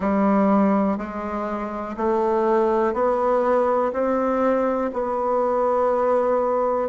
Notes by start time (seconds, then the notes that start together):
0.00 G3
0.97 G#3
1.96 A3
2.93 B3
3.92 C4
4.93 B3